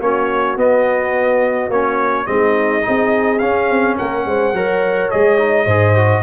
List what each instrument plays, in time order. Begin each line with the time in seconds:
0.00 tuba A#3, trombone C#4, horn F#4, trumpet C#5
0.57 tuba B3, trombone B3, trumpet D#5
1.69 tuba A#3, trombone C#4, trumpet C#5
2.27 tuba G#3, trombone C4, horn D#4, trumpet D#5
2.82 trombone D#4, horn G#4
2.89 tuba C4
3.39 trombone C#4, tuba C#4, trumpet F5
3.70 tuba C4
3.97 tuba A#3, horn A#4, trumpet F#5
4.26 tuba G#3, horn C5
4.53 tuba F#3, trombone A#4, horn C#5
5.11 tuba G#3, trombone G#4, trumpet D#5
5.38 trombone D#4
5.66 tuba G#2, trombone G#4, horn C5
5.97 trombone F#4